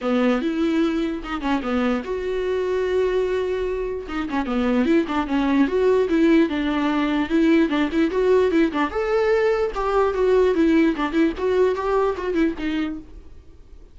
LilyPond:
\new Staff \with { instrumentName = "viola" } { \time 4/4 \tempo 4 = 148 b4 e'2 dis'8 cis'8 | b4 fis'2.~ | fis'2 dis'8 cis'8 b4 | e'8 d'8 cis'4 fis'4 e'4 |
d'2 e'4 d'8 e'8 | fis'4 e'8 d'8 a'2 | g'4 fis'4 e'4 d'8 e'8 | fis'4 g'4 fis'8 e'8 dis'4 | }